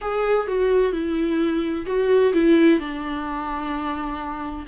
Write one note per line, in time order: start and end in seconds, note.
0.01 0.47 G#4
0.47 0.92 F#4
0.92 1.85 E4
1.86 2.32 F#4
2.33 2.79 E4
2.79 4.65 D4